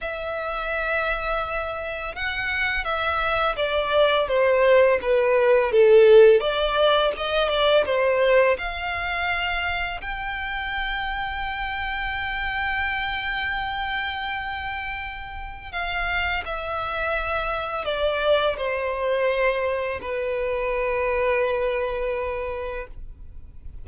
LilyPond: \new Staff \with { instrumentName = "violin" } { \time 4/4 \tempo 4 = 84 e''2. fis''4 | e''4 d''4 c''4 b'4 | a'4 d''4 dis''8 d''8 c''4 | f''2 g''2~ |
g''1~ | g''2 f''4 e''4~ | e''4 d''4 c''2 | b'1 | }